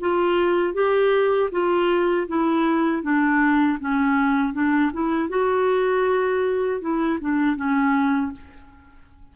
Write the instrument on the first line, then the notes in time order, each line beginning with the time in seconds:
clarinet
0.00 F4
0.74 G4
1.52 F4
2.28 E4
3.02 D4
3.80 C#4
4.54 D4
4.93 E4
5.29 F#4
6.81 E4
7.20 D4
7.56 C#4